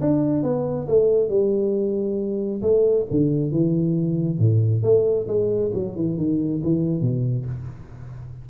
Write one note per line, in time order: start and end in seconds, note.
0.00 0.43 D4
0.43 0.87 B3
0.87 1.29 A3
1.29 2.61 G3
2.61 3.05 A3
3.10 3.51 D3
3.51 4.38 E3
4.38 4.82 A2
4.83 5.27 A3
5.27 5.71 G#3
5.73 5.95 F#3
5.96 6.17 E3
6.17 6.61 D#3
6.63 7.01 E3
7.01 7.45 B2